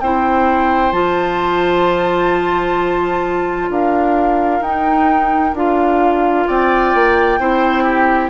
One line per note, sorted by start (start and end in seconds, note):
0.00 0.92 C4
0.00 0.93 E4
0.00 3.71 C5
0.00 0.92 G5
0.92 3.69 F3
0.92 4.62 F4
0.92 3.69 A5
3.69 4.60 D4
3.69 6.47 A#4
3.69 4.63 F5
4.60 5.52 D#4
4.60 5.56 D#4
4.60 5.55 G5
5.53 6.46 D4
5.53 7.39 F4
5.53 6.47 F5
6.47 6.94 C4
6.47 7.39 D5
6.47 8.30 G5
6.94 7.38 A#3
7.38 8.30 C4
7.38 8.30 E4
7.38 7.83 C5
7.83 8.30 G4